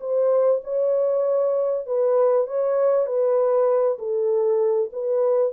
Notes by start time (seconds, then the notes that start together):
0.00 C5
0.64 C#5
1.86 B4
2.47 C#5
3.06 B4
3.99 A4
4.93 B4